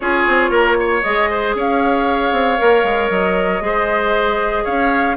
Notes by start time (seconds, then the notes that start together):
0.00 C#4 F4 G#4 C#5
0.27 C4
0.50 A#3 A#4
0.79 C#5
1.01 G#3 G#4 D#5
1.30 C5
1.54 C#4 C#5 F5
2.32 C4
2.58 A#3 A#4
2.83 G#3
3.10 F#3 D#5
3.60 G#3 G#4 C5
4.64 C#4 C#5 F5